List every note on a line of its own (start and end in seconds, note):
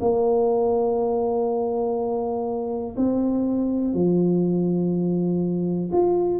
0.00 2.95 A#3
2.96 3.93 C4
3.93 5.90 F3
5.92 6.40 F4